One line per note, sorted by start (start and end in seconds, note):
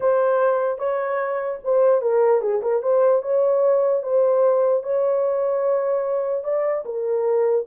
0.00 0.78 C5
0.78 1.59 C#5
1.63 2.01 C5
2.01 2.41 A#4
2.41 2.61 G#4
2.62 2.82 A#4
2.82 3.22 C5
3.22 4.02 C#5
4.02 4.83 C5
4.83 6.44 C#5
6.44 6.84 D5
6.85 7.65 A#4